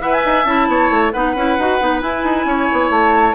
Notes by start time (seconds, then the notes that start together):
0.00 E4 B4 E5 F#5
0.12 G#5
0.25 D#4
0.44 C#4 E4 A5
0.67 B3 C#5
0.90 A3
1.11 B3 D#4 B4 F#5
1.35 C#4 E4
1.58 D#4 F#4
1.80 B3 D#4
2.01 E4 G#5
2.23 D#4
2.45 C#4 C#5
2.72 B3
2.89 A3 A5